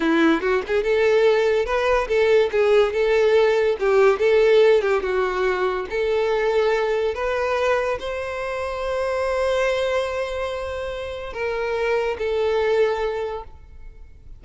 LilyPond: \new Staff \with { instrumentName = "violin" } { \time 4/4 \tempo 4 = 143 e'4 fis'8 gis'8 a'2 | b'4 a'4 gis'4 a'4~ | a'4 g'4 a'4. g'8 | fis'2 a'2~ |
a'4 b'2 c''4~ | c''1~ | c''2. ais'4~ | ais'4 a'2. | }